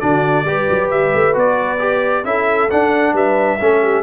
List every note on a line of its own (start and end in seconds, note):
0.00 0.45 D3
0.00 0.46 D4
0.00 0.46 F#4
0.00 0.90 D5
0.45 0.67 G3
0.45 1.33 G4
0.45 2.26 B4
0.70 0.91 F#3
0.91 1.14 G3
0.91 1.35 E5
1.14 1.36 A3
1.33 2.24 B3
1.33 1.78 F#4
1.33 2.25 D5
1.79 2.24 G4
2.24 2.69 C#4
2.24 2.69 E4
2.24 3.14 A4
2.24 2.70 E5
2.70 3.59 D4
2.70 3.13 D4
2.70 3.15 F#5
3.13 3.58 G3
3.13 3.59 B4
3.13 4.03 E5
3.60 4.03 A3
3.60 4.03 C#4
3.60 3.82 A4
3.82 4.03 G4